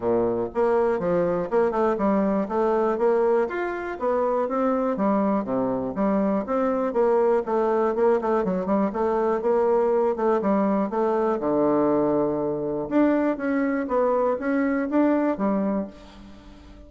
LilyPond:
\new Staff \with { instrumentName = "bassoon" } { \time 4/4 \tempo 4 = 121 ais,4 ais4 f4 ais8 a8 | g4 a4 ais4 f'4 | b4 c'4 g4 c4 | g4 c'4 ais4 a4 |
ais8 a8 fis8 g8 a4 ais4~ | ais8 a8 g4 a4 d4~ | d2 d'4 cis'4 | b4 cis'4 d'4 g4 | }